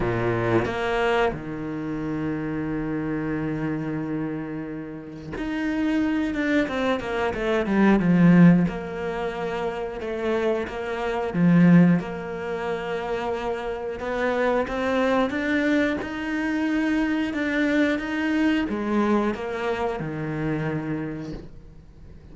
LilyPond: \new Staff \with { instrumentName = "cello" } { \time 4/4 \tempo 4 = 90 ais,4 ais4 dis2~ | dis1 | dis'4. d'8 c'8 ais8 a8 g8 | f4 ais2 a4 |
ais4 f4 ais2~ | ais4 b4 c'4 d'4 | dis'2 d'4 dis'4 | gis4 ais4 dis2 | }